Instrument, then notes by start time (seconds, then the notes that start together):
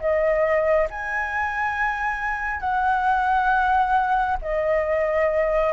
flute
0.00 D#5
0.91 G#5
2.61 F#5
4.42 D#5